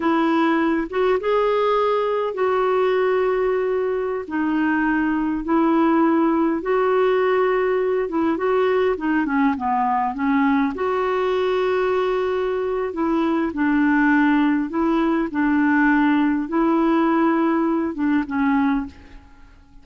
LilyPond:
\new Staff \with { instrumentName = "clarinet" } { \time 4/4 \tempo 4 = 102 e'4. fis'8 gis'2 | fis'2.~ fis'16 dis'8.~ | dis'4~ dis'16 e'2 fis'8.~ | fis'4.~ fis'16 e'8 fis'4 dis'8 cis'16~ |
cis'16 b4 cis'4 fis'4.~ fis'16~ | fis'2 e'4 d'4~ | d'4 e'4 d'2 | e'2~ e'8 d'8 cis'4 | }